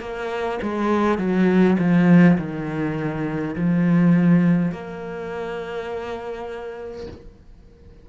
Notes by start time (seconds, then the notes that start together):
0.00 A#3
0.62 G#3
1.18 F#3
1.79 F3
2.37 D#3
3.56 F3
4.72 A#3